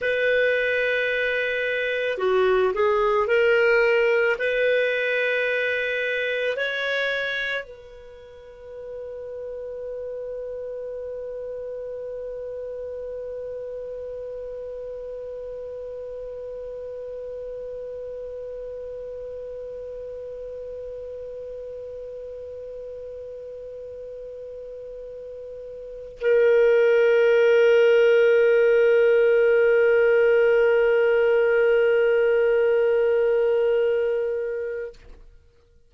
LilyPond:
\new Staff \with { instrumentName = "clarinet" } { \time 4/4 \tempo 4 = 55 b'2 fis'8 gis'8 ais'4 | b'2 cis''4 b'4~ | b'1~ | b'1~ |
b'1~ | b'1 | ais'1~ | ais'1 | }